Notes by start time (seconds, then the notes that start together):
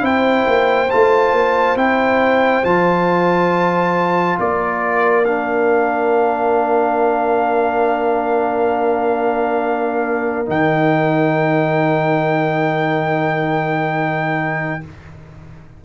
0.00 C4 E4 C5 G5
0.47 A#3
0.90 A3 F4 A5
1.32 A#3
1.75 C4 E4 G5
2.63 F3 F4 A5
4.39 A#3 A#4 D5
5.25 D4 F5
10.45 D#3 D#4 G5